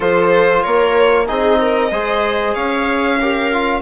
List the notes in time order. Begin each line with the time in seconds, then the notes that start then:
0.00 F3 F4 A4 C5
0.62 A#3 A#4 C#5
1.27 C4 D#4 G#4 D#5
1.60 A#4
1.91 G#3 G#4 C5
2.54 C#4 C#5 F5
3.20 G4 A#4
3.52 F4